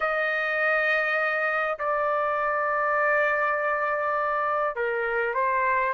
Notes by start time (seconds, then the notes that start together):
0.00 D#5
1.78 D5
4.75 A#4
5.34 C5